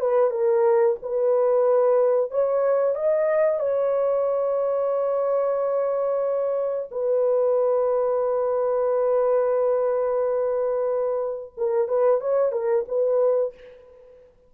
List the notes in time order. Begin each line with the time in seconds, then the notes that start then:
0.00 B4
0.30 A#4
1.02 B4
2.31 C#5
2.95 D#5
3.59 C#5
6.91 B4
11.57 A#4
11.88 B4
12.21 C#5
12.52 A#4
12.88 B4